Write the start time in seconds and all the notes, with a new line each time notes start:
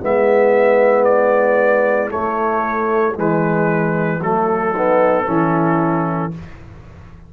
0.00 G#3 B3 E4 E5
1.04 D5
2.09 A3 C#5
3.15 E3 G#3 B4
4.21 F#3 A3 A4
4.73 B3 D#4
5.26 E3 C#4 E4